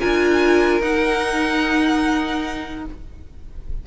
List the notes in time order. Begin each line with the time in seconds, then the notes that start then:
0.00 D4 F4 A#4 G#5
0.81 D#4 F#5